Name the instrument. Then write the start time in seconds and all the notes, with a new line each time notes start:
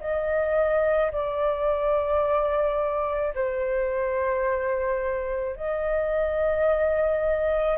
flute
0.00 D#5
1.12 D5
3.34 C5
5.56 D#5